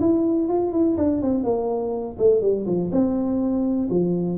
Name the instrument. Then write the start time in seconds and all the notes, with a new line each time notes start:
tuba
0.00 E4
0.49 F4
0.72 E4
0.97 D4
1.22 C4
1.44 A#3
2.19 A3
2.41 G3
2.66 F3
2.92 C4
3.90 F3